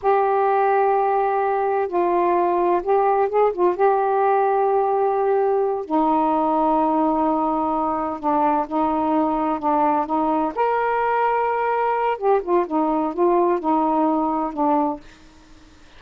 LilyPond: \new Staff \with { instrumentName = "saxophone" } { \time 4/4 \tempo 4 = 128 g'1 | f'2 g'4 gis'8 f'8 | g'1~ | g'8 dis'2.~ dis'8~ |
dis'4. d'4 dis'4.~ | dis'8 d'4 dis'4 ais'4.~ | ais'2 g'8 f'8 dis'4 | f'4 dis'2 d'4 | }